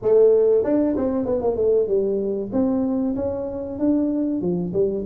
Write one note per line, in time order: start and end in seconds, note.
0.01 0.63 A3
0.63 0.95 D4
0.96 1.25 C4
1.25 1.41 B3
1.41 1.56 A#3
1.56 1.87 A3
1.87 2.50 G3
2.52 3.15 C4
3.15 3.78 C#4
3.78 4.41 D4
4.41 4.73 F3
4.73 5.04 G3